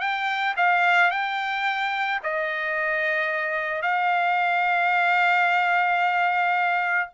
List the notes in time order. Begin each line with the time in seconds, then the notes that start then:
0.00 G5
0.57 F5
1.11 G5
2.23 D#5
3.82 F5